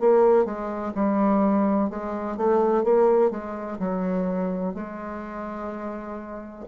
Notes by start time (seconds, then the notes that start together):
0.00 A#3
0.45 G#3
0.95 G3
1.90 G#3
2.37 A3
2.84 A#3
3.31 G#3
3.80 F#3
4.74 G#3